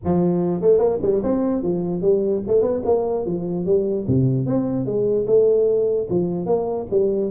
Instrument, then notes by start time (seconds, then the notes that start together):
tuba
0.04 F3
0.61 A3
0.78 A#3
1.02 G3
1.23 C4
1.62 F3
2.01 G3
2.47 A3
2.61 B3
2.85 A#3
3.25 F3
3.65 G3
4.07 C3
4.46 C4
4.85 G#3
5.26 A3
6.09 F3
6.46 A#3
6.90 G3